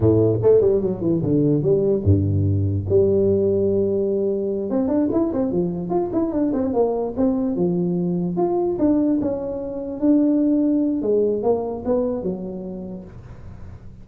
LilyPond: \new Staff \with { instrumentName = "tuba" } { \time 4/4 \tempo 4 = 147 a,4 a8 g8 fis8 e8 d4 | g4 g,2 g4~ | g2.~ g8 c'8 | d'8 e'8 c'8 f4 f'8 e'8 d'8 |
c'8 ais4 c'4 f4.~ | f8 f'4 d'4 cis'4.~ | cis'8 d'2~ d'8 gis4 | ais4 b4 fis2 | }